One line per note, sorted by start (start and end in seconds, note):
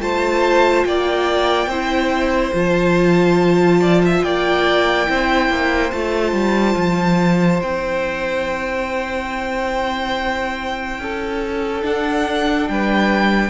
0.00 0.85 A3
0.00 1.70 F4
0.00 0.87 C5
0.00 0.85 A5
0.85 1.67 A#3
0.85 1.70 D5
0.85 2.54 G5
1.67 2.51 C4
1.67 2.55 E4
1.67 3.81 C5
2.54 4.23 F3
2.54 5.07 F4
2.54 4.23 A5
3.81 4.02 D5
4.06 4.25 E5
4.23 5.08 A#3
4.23 5.10 D5
4.23 5.92 G5
5.07 5.50 C4
5.07 5.91 E4
5.07 11.01 C5
5.50 5.92 A#3
5.92 6.33 A3
5.92 7.62 F4
5.92 7.61 A5
6.33 6.75 G3
6.77 7.61 F3
7.62 10.99 C4
7.62 11.83 E4
7.62 11.85 G5
10.99 11.83 C#4
10.99 12.71 A4
11.83 13.50 D4
11.83 12.69 D4
11.83 12.68 F#5
12.68 13.50 G3
12.68 13.50 B4
12.68 13.50 G5